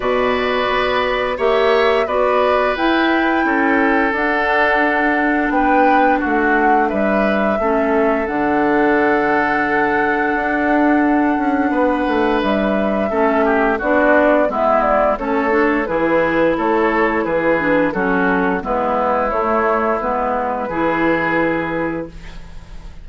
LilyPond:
<<
  \new Staff \with { instrumentName = "flute" } { \time 4/4 \tempo 4 = 87 d''2 e''4 d''4 | g''2 fis''2 | g''4 fis''4 e''2 | fis''1~ |
fis''2 e''2 | d''4 e''8 d''8 cis''4 b'4 | cis''4 b'4 a'4 b'4 | cis''4 b'2. | }
  \new Staff \with { instrumentName = "oboe" } { \time 4/4 b'2 cis''4 b'4~ | b'4 a'2. | b'4 fis'4 b'4 a'4~ | a'1~ |
a'4 b'2 a'8 g'8 | fis'4 e'4 a'4 gis'4 | a'4 gis'4 fis'4 e'4~ | e'2 gis'2 | }
  \new Staff \with { instrumentName = "clarinet" } { \time 4/4 fis'2 g'4 fis'4 | e'2 d'2~ | d'2. cis'4 | d'1~ |
d'2. cis'4 | d'4 b4 cis'8 d'8 e'4~ | e'4. d'8 cis'4 b4 | a4 b4 e'2 | }
  \new Staff \with { instrumentName = "bassoon" } { \time 4/4 b,4 b4 ais4 b4 | e'4 cis'4 d'2 | b4 a4 g4 a4 | d2. d'4~ |
d'8 cis'8 b8 a8 g4 a4 | b4 gis4 a4 e4 | a4 e4 fis4 gis4 | a4 gis4 e2 | }
>>